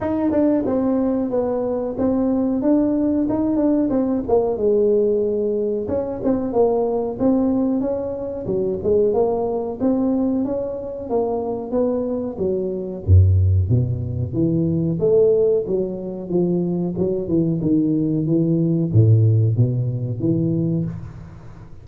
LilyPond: \new Staff \with { instrumentName = "tuba" } { \time 4/4 \tempo 4 = 92 dis'8 d'8 c'4 b4 c'4 | d'4 dis'8 d'8 c'8 ais8 gis4~ | gis4 cis'8 c'8 ais4 c'4 | cis'4 fis8 gis8 ais4 c'4 |
cis'4 ais4 b4 fis4 | fis,4 b,4 e4 a4 | fis4 f4 fis8 e8 dis4 | e4 a,4 b,4 e4 | }